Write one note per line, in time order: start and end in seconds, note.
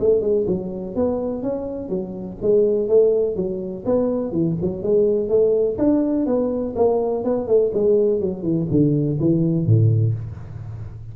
0.00 0.21 A3
0.21 0.46 G#3
0.47 0.95 F#3
0.95 1.43 B3
1.43 1.89 C#4
1.89 2.37 F#3
2.42 2.88 G#3
2.88 3.36 A3
3.36 3.84 F#3
3.86 4.32 B3
4.32 4.56 E3
4.61 4.82 F#3
4.82 5.29 G#3
5.29 5.77 A3
5.78 6.26 D4
6.26 6.75 B3
6.76 7.24 A#3
7.24 7.47 B3
7.47 7.72 A3
7.74 8.20 G#3
8.20 8.42 F#3
8.42 8.67 E3
8.70 9.19 D3
9.20 9.66 E3
9.66 10.14 A2